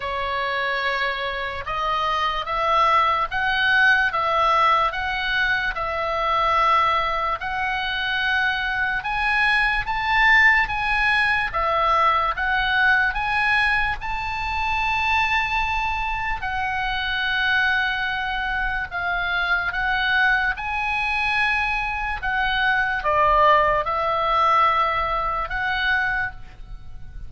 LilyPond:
\new Staff \with { instrumentName = "oboe" } { \time 4/4 \tempo 4 = 73 cis''2 dis''4 e''4 | fis''4 e''4 fis''4 e''4~ | e''4 fis''2 gis''4 | a''4 gis''4 e''4 fis''4 |
gis''4 a''2. | fis''2. f''4 | fis''4 gis''2 fis''4 | d''4 e''2 fis''4 | }